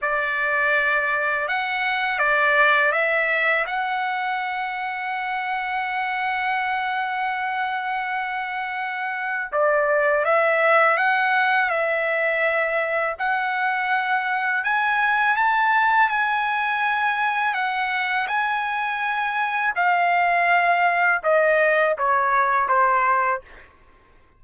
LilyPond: \new Staff \with { instrumentName = "trumpet" } { \time 4/4 \tempo 4 = 82 d''2 fis''4 d''4 | e''4 fis''2.~ | fis''1~ | fis''4 d''4 e''4 fis''4 |
e''2 fis''2 | gis''4 a''4 gis''2 | fis''4 gis''2 f''4~ | f''4 dis''4 cis''4 c''4 | }